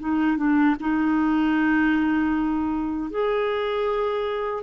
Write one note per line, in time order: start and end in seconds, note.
0.00 0.38 D#4
0.38 0.76 D4
0.81 3.11 D#4
3.11 4.64 G#4